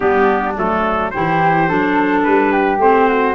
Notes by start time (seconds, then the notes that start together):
0.00 G3 B3 D4 G4
0.56 F#3 A3 A4
1.10 E3 E4 G4 C5
1.67 F#3 D4 A4
2.23 G3 B4
2.52 G4
2.78 A3 C4 C5
3.08 F#4